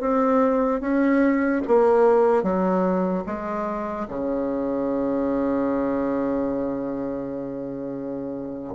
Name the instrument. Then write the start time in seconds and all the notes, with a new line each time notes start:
bassoon
0.00 C4
0.81 C#4
1.67 A#3
2.43 F#3
3.26 G#3
4.08 C#3